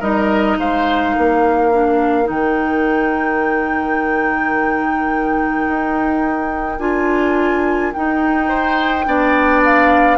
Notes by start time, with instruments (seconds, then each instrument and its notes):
0.00 bassoon G3, clarinet D#4, oboe A#4, flute D#5
0.58 bassoon G#3, oboe C5, flute F5
1.16 bassoon A#3, oboe A#4
1.72 clarinet D4
2.24 bassoon D#3, clarinet D#4, flute G5
5.68 bassoon D#4
6.79 bassoon D4, clarinet F4, flute G#5
7.93 clarinet D#4, bassoon D#4, flute G5
8.49 oboe C5
9.06 bassoon B3, clarinet D4, oboe D5
9.65 flute F5